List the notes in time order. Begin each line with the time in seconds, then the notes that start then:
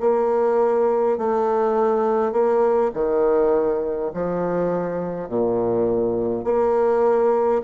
0.00 A#3
1.18 A3
2.32 A#3
2.94 D#3
4.14 F3
5.29 A#2
6.44 A#3